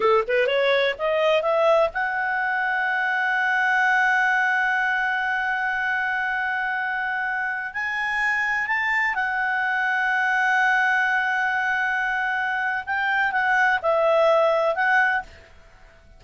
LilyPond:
\new Staff \with { instrumentName = "clarinet" } { \time 4/4 \tempo 4 = 126 a'8 b'8 cis''4 dis''4 e''4 | fis''1~ | fis''1~ | fis''1~ |
fis''16 gis''2 a''4 fis''8.~ | fis''1~ | fis''2. g''4 | fis''4 e''2 fis''4 | }